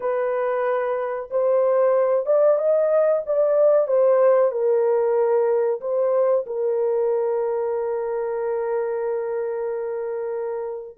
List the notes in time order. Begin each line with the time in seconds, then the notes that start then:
0.00 B4
1.30 C5
2.26 D5
2.57 D#5
3.26 D5
3.87 C5
4.51 A#4
5.80 C5
6.46 A#4